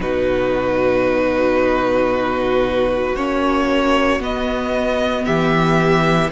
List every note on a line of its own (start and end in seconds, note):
0.00 3.16 B2
0.00 3.17 D#4
0.00 5.25 F#4
0.00 3.16 B4
3.16 4.20 A#3
3.16 4.21 C#4
3.16 4.21 C#5
4.20 5.25 B3
4.20 6.31 B3
4.20 5.25 D#5
5.25 6.32 E3
5.25 6.31 G4
5.25 6.30 E5